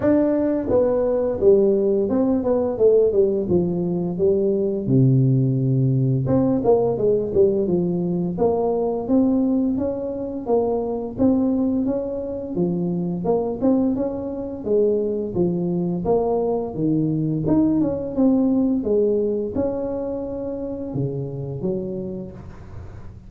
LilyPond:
\new Staff \with { instrumentName = "tuba" } { \time 4/4 \tempo 4 = 86 d'4 b4 g4 c'8 b8 | a8 g8 f4 g4 c4~ | c4 c'8 ais8 gis8 g8 f4 | ais4 c'4 cis'4 ais4 |
c'4 cis'4 f4 ais8 c'8 | cis'4 gis4 f4 ais4 | dis4 dis'8 cis'8 c'4 gis4 | cis'2 cis4 fis4 | }